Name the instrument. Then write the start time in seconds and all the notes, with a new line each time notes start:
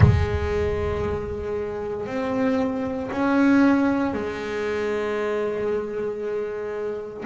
double bass
0.00 G#3
2.06 C4
3.11 C#4
4.13 G#3